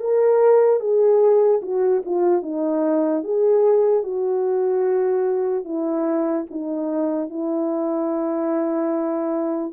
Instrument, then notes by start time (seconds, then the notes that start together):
horn
0.00 A#4
0.80 G#4
1.62 F#4
2.06 F4
2.43 D#4
3.24 G#4
4.04 F#4
5.65 E4
6.50 D#4
7.30 E4